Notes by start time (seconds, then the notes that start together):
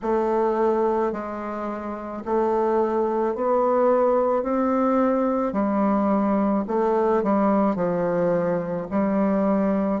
0.02 A3
1.12 G#3
2.25 A3
3.35 B3
4.42 C4
5.53 G3
6.67 A3
7.23 G3
7.75 F3
8.90 G3